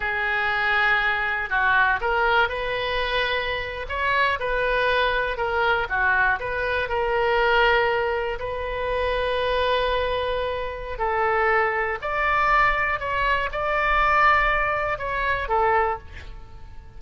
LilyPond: \new Staff \with { instrumentName = "oboe" } { \time 4/4 \tempo 4 = 120 gis'2. fis'4 | ais'4 b'2~ b'8. cis''16~ | cis''8. b'2 ais'4 fis'16~ | fis'8. b'4 ais'2~ ais'16~ |
ais'8. b'2.~ b'16~ | b'2 a'2 | d''2 cis''4 d''4~ | d''2 cis''4 a'4 | }